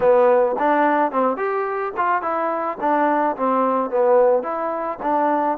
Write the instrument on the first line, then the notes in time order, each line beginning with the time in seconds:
trombone
0.00 B3
0.58 D4
1.11 C4
1.37 G4
1.96 F4
2.22 E4
2.80 D4
3.36 C4
3.90 B3
4.42 E4
5.02 D4